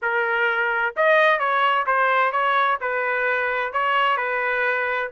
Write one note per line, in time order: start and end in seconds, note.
0.01 0.95 A#4
0.96 1.39 D#5
1.39 1.85 C#5
1.86 2.32 C5
2.32 2.78 C#5
2.80 3.73 B4
3.73 4.17 C#5
4.17 5.10 B4